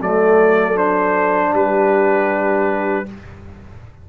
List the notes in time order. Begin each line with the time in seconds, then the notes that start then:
0.00 F#3 A3 A4 D5
0.75 D4 C5
1.52 G3 G4 B4